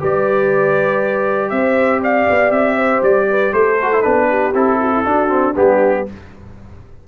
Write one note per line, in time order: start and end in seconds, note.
0.00 1.52 G3
0.00 3.78 G4
0.00 1.52 B4
0.00 1.50 D5
1.50 2.27 C4
1.50 2.03 C5
1.50 2.01 E5
2.03 2.76 D5
2.03 2.52 F5
2.30 2.51 B3
2.51 3.01 C4
2.51 3.02 E5
2.76 3.27 C5
3.02 3.53 G3
3.02 3.54 D5
3.30 3.53 B4
3.53 4.04 A3
3.53 4.29 A4
3.53 4.02 C5
3.82 3.93 F#4
3.93 4.03 E4
4.02 4.54 B3
4.02 4.53 D4
4.02 4.53 B4
4.30 4.80 G4
4.54 5.05 C4
4.54 5.05 E4
4.54 5.56 A4
4.81 4.93 F#4
4.93 5.05 E4
5.05 5.56 D4
5.05 5.29 D4
5.05 5.55 F#4
5.29 5.54 C4
5.55 6.07 G3
5.55 6.07 B3
5.55 6.06 D4
5.55 6.08 G4